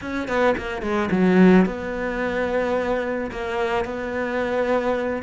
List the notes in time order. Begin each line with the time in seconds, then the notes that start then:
0.01 C#4
0.28 B3
0.57 A#3
0.81 G#3
1.11 F#3
1.65 B3
3.31 A#3
3.84 B3